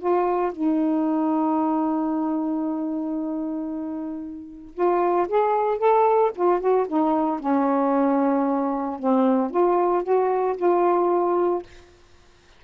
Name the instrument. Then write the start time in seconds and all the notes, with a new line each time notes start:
saxophone
0.00 F4
0.52 D#4
4.75 F4
5.29 G#4
5.79 A4
6.36 F4
6.61 F#4
6.88 D#4
7.40 C#4
9.00 C4
9.51 F4
10.04 F#4
10.57 F4